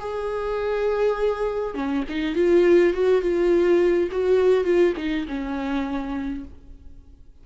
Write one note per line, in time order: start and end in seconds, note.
0.00 1.75 G#4
1.75 2.04 C#4
2.09 2.35 D#4
2.35 2.93 F4
2.94 3.22 F#4
3.22 4.10 F4
4.12 4.64 F#4
4.64 4.94 F4
4.97 5.26 D#4
5.28 6.44 C#4